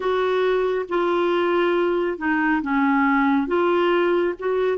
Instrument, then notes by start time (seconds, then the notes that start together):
clarinet
0.00 F#4
0.89 F4
2.18 D#4
2.62 C#4
3.47 F4
4.39 F#4